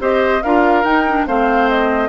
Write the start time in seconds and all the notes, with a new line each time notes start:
0.00 C4 G4 C5 D#5
0.43 D4 F4 A#4 F5
0.85 D#4 G5
1.08 D4
1.27 A3 C4 C5 F5
1.69 D#5